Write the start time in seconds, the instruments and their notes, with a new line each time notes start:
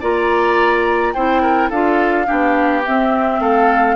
0.00 bassoon A#3, clarinet F4, oboe D5, flute A#5
1.13 bassoon C4, clarinet E4, oboe C5, flute G5
1.42 oboe A#4
1.69 bassoon D4, clarinet F4, oboe A4, flute F5
2.25 bassoon B3, clarinet D4, oboe G4
2.85 bassoon C4, clarinet C4, flute E5
3.39 bassoon A3, oboe A4, flute F5